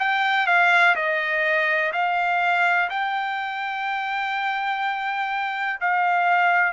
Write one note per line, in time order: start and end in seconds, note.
0.00 0.47 G5
0.47 0.95 F5
0.96 1.93 D#5
1.93 2.90 F5
2.90 5.81 G5
5.81 6.73 F5